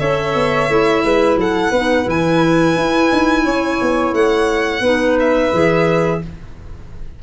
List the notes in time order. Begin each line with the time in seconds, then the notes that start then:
0.00 C#4 A4 C#5 E5
0.35 B3
0.69 A3 E4
1.04 G#3 B4
1.36 F#3 A4 F#5
1.71 B3 D#4 B4
2.05 E3 E4 G#5
2.76 E4
3.12 D#4
3.45 C#4 C#5
3.82 B3
4.13 A3 F#5
4.81 B3 D#4 B4
5.20 E5
5.53 E3 G#4